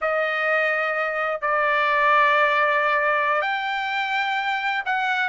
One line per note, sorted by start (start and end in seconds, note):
0.01 1.41 D#5
1.41 3.41 D5
3.41 4.83 G5
4.85 5.28 F#5